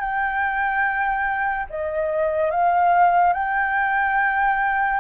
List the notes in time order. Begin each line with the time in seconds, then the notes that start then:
0.00 G5
1.70 D#5
2.51 F5
3.33 G5